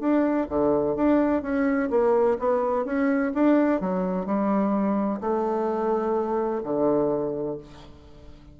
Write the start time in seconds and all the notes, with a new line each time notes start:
0.00 D4
0.49 D3
0.96 D4
1.42 C#4
1.90 A#3
2.39 B3
2.85 C#4
3.35 D4
3.81 F#3
4.26 G3
5.21 A3
6.64 D3